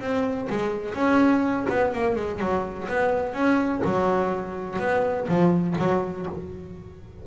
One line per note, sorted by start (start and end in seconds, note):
0.00 0.48 C4
0.50 0.94 G#3
0.94 1.66 C#4
1.70 1.94 B3
1.94 2.16 A#3
2.16 2.40 G#3
2.40 2.88 F#3
2.88 3.34 B3
3.34 3.82 C#4
3.85 4.79 F#3
4.79 5.27 B3
5.28 5.76 F3
5.79 6.27 F#3